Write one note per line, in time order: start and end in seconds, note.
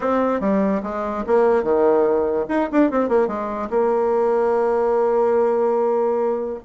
0.00 0.40 C4
0.40 0.81 G3
0.83 1.24 G#3
1.26 1.63 A#3
1.63 2.46 D#3
2.48 2.69 D#4
2.71 2.90 D4
2.90 3.08 C4
3.08 3.27 A#3
3.27 3.68 G#3
3.70 6.59 A#3